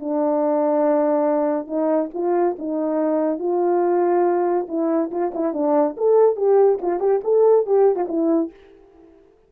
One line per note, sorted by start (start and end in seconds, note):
0.00 1.67 D4
1.67 2.10 D#4
2.14 2.57 F4
2.59 3.39 D#4
3.39 4.67 F4
4.68 5.11 E4
5.11 5.32 F4
5.34 5.53 E4
5.53 5.96 D4
5.97 6.36 A4
6.36 6.79 G4
6.82 7.00 F4
7.00 7.21 G4
7.24 7.66 A4
7.66 7.96 G4
7.96 8.06 F4
8.08 8.51 E4